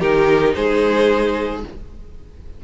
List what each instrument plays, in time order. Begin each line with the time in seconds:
0.00 cello D#3, viola D#4, violin G4 A#4
0.55 cello G#3, violin G#4 C5